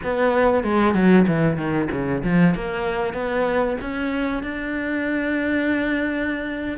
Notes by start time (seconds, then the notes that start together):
0.03 B3
0.63 G#3
0.94 F#3
1.27 E3
1.56 D#3
1.91 C#3
2.23 F3
2.54 A#3
3.13 B3
3.81 C#4
4.42 D4